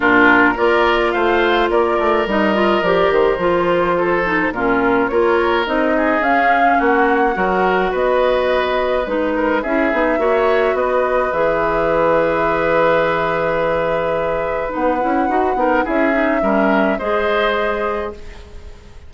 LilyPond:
<<
  \new Staff \with { instrumentName = "flute" } { \time 4/4 \tempo 4 = 106 ais'4 d''4 f''4 d''4 | dis''4 d''8 c''2~ c''8 | ais'4 cis''4 dis''4 f''4 | fis''2 dis''2 |
b'4 e''2 dis''4 | e''1~ | e''2 fis''2 | e''2 dis''2 | }
  \new Staff \with { instrumentName = "oboe" } { \time 4/4 f'4 ais'4 c''4 ais'4~ | ais'2. a'4 | f'4 ais'4. gis'4. | fis'4 ais'4 b'2~ |
b'8 ais'8 gis'4 cis''4 b'4~ | b'1~ | b'2.~ b'8 ais'8 | gis'4 ais'4 c''2 | }
  \new Staff \with { instrumentName = "clarinet" } { \time 4/4 d'4 f'2. | dis'8 f'8 g'4 f'4. dis'8 | cis'4 f'4 dis'4 cis'4~ | cis'4 fis'2. |
dis'4 e'8 dis'8 fis'2 | gis'1~ | gis'2 dis'8 e'8 fis'8 dis'8 | e'8 dis'8 cis'4 gis'2 | }
  \new Staff \with { instrumentName = "bassoon" } { \time 4/4 ais,4 ais4 a4 ais8 a8 | g4 f8 dis8 f2 | ais,4 ais4 c'4 cis'4 | ais4 fis4 b2 |
gis4 cis'8 b8 ais4 b4 | e1~ | e2 b8 cis'8 dis'8 b8 | cis'4 g4 gis2 | }
>>